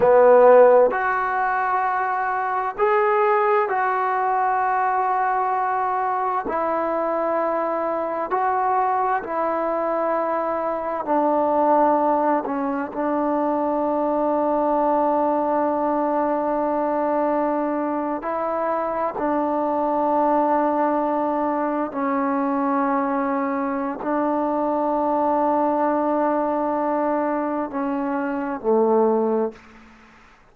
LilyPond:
\new Staff \with { instrumentName = "trombone" } { \time 4/4 \tempo 4 = 65 b4 fis'2 gis'4 | fis'2. e'4~ | e'4 fis'4 e'2 | d'4. cis'8 d'2~ |
d'2.~ d'8. e'16~ | e'8. d'2. cis'16~ | cis'2 d'2~ | d'2 cis'4 a4 | }